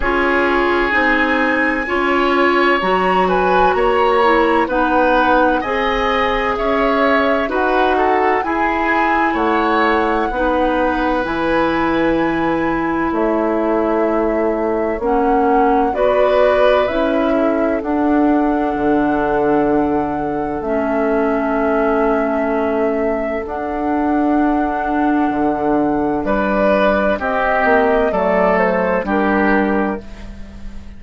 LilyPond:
<<
  \new Staff \with { instrumentName = "flute" } { \time 4/4 \tempo 4 = 64 cis''4 gis''2 ais''8 gis''8 | ais''4 fis''4 gis''4 e''4 | fis''4 gis''4 fis''2 | gis''2 e''2 |
fis''4 d''4 e''4 fis''4~ | fis''2 e''2~ | e''4 fis''2. | d''4 dis''4 d''8 c''8 ais'4 | }
  \new Staff \with { instrumentName = "oboe" } { \time 4/4 gis'2 cis''4. b'8 | cis''4 b'4 dis''4 cis''4 | b'8 a'8 gis'4 cis''4 b'4~ | b'2 cis''2~ |
cis''4 b'4. a'4.~ | a'1~ | a'1 | b'4 g'4 a'4 g'4 | }
  \new Staff \with { instrumentName = "clarinet" } { \time 4/4 f'4 dis'4 f'4 fis'4~ | fis'8 e'8 dis'4 gis'2 | fis'4 e'2 dis'4 | e'1 |
cis'4 fis'4 e'4 d'4~ | d'2 cis'2~ | cis'4 d'2.~ | d'4 c'4 a4 d'4 | }
  \new Staff \with { instrumentName = "bassoon" } { \time 4/4 cis'4 c'4 cis'4 fis4 | ais4 b4 c'4 cis'4 | dis'4 e'4 a4 b4 | e2 a2 |
ais4 b4 cis'4 d'4 | d2 a2~ | a4 d'2 d4 | g4 c'8 ais8 fis4 g4 | }
>>